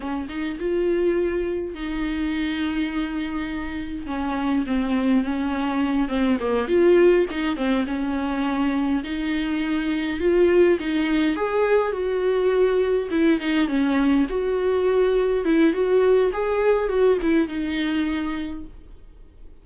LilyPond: \new Staff \with { instrumentName = "viola" } { \time 4/4 \tempo 4 = 103 cis'8 dis'8 f'2 dis'4~ | dis'2. cis'4 | c'4 cis'4. c'8 ais8 f'8~ | f'8 dis'8 c'8 cis'2 dis'8~ |
dis'4. f'4 dis'4 gis'8~ | gis'8 fis'2 e'8 dis'8 cis'8~ | cis'8 fis'2 e'8 fis'4 | gis'4 fis'8 e'8 dis'2 | }